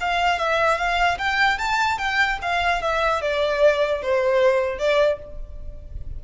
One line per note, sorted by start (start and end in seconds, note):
0.00 0.39 F5
0.39 0.77 E5
0.77 1.18 F5
1.18 1.58 G5
1.58 1.98 A5
1.98 2.38 G5
2.42 2.82 F5
2.82 3.21 E5
3.21 4.02 D5
4.02 4.78 C5
4.78 5.19 D5